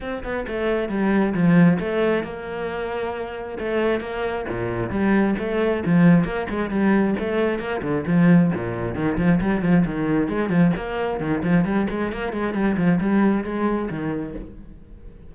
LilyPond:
\new Staff \with { instrumentName = "cello" } { \time 4/4 \tempo 4 = 134 c'8 b8 a4 g4 f4 | a4 ais2. | a4 ais4 ais,4 g4 | a4 f4 ais8 gis8 g4 |
a4 ais8 d8 f4 ais,4 | dis8 f8 g8 f8 dis4 gis8 f8 | ais4 dis8 f8 g8 gis8 ais8 gis8 | g8 f8 g4 gis4 dis4 | }